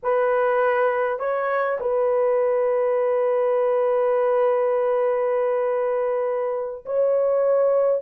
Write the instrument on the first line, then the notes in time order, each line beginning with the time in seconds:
horn
0.02 B4
1.19 C#5
1.80 B4
6.85 C#5